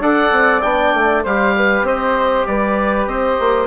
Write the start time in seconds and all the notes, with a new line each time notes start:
0.00 D4 A4 D5 F#5
0.32 C4
0.62 B3 D4 G5
0.94 A3
1.24 G3 G4 C5 F5
1.57 B4
1.83 C4 C5 D#5
2.47 G3 B4 D5
3.07 C4 C5 D#5
3.40 A#3